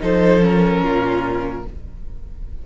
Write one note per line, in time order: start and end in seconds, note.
0.00 0.83 F3
0.00 0.40 D#4
0.00 0.83 A4
0.00 0.44 C5
0.40 1.62 C#4
0.40 1.66 A#4
0.83 1.64 A#2
0.83 1.65 F4